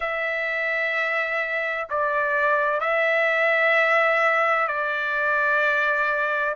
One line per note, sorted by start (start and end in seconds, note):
0.00 1.87 E5
1.89 2.80 D5
2.80 4.67 E5
4.67 6.55 D5